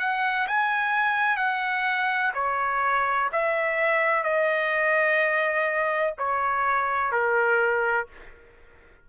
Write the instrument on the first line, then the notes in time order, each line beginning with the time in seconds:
trumpet
0.00 F#5
0.48 G#5
1.37 F#5
2.35 C#5
3.32 E5
4.24 D#5
6.19 C#5
7.12 A#4